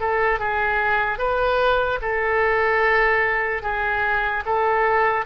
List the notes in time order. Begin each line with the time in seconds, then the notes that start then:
0.00 A4
0.39 G#4
1.18 B4
2.02 A4
3.63 G#4
4.46 A4